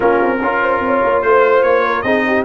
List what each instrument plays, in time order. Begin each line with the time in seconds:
0.00 tuba A#3, trombone C#4, horn F4, trumpet A#4
0.22 tuba C4
0.41 tuba C#4, trombone F4, horn A#4
0.61 horn C5
0.80 tuba C4, horn C#5
1.03 tuba A#3
1.22 tuba A3, trumpet C5, horn C5
1.62 tuba A#3, trumpet C#5
1.85 horn A#4
2.02 tuba C4, trombone D#4, horn G#4, trumpet D#5
2.27 horn G4